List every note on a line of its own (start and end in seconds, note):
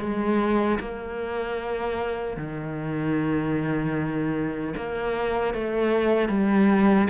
0.00 0.79 G#3
0.80 2.37 A#3
2.37 4.74 D#3
4.77 5.54 A#3
5.54 6.29 A3
6.29 7.08 G3